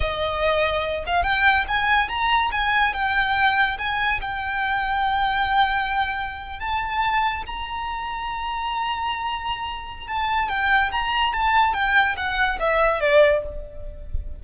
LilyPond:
\new Staff \with { instrumentName = "violin" } { \time 4/4 \tempo 4 = 143 dis''2~ dis''8 f''8 g''4 | gis''4 ais''4 gis''4 g''4~ | g''4 gis''4 g''2~ | g''2.~ g''8. a''16~ |
a''4.~ a''16 ais''2~ ais''16~ | ais''1 | a''4 g''4 ais''4 a''4 | g''4 fis''4 e''4 d''4 | }